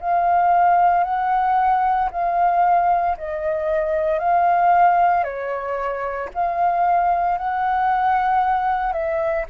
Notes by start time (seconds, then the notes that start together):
0.00 F5
1.03 F#5
2.11 F5
3.17 D#5
4.19 F5
5.23 C#5
6.34 F5
7.37 F#5
8.92 E5